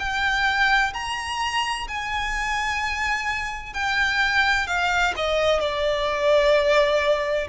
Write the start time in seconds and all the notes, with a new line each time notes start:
0.00 G5
0.94 A#5
1.88 G#5
3.74 G5
4.67 F5
5.17 D#5
5.61 D5